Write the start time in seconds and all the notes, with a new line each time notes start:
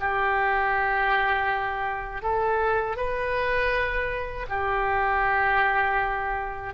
0.00 G4
2.22 A4
2.97 B4
4.49 G4